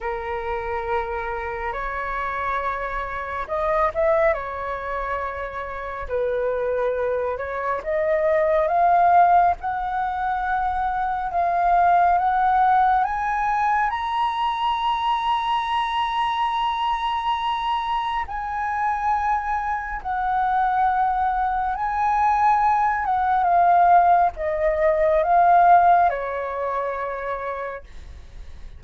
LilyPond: \new Staff \with { instrumentName = "flute" } { \time 4/4 \tempo 4 = 69 ais'2 cis''2 | dis''8 e''8 cis''2 b'4~ | b'8 cis''8 dis''4 f''4 fis''4~ | fis''4 f''4 fis''4 gis''4 |
ais''1~ | ais''4 gis''2 fis''4~ | fis''4 gis''4. fis''8 f''4 | dis''4 f''4 cis''2 | }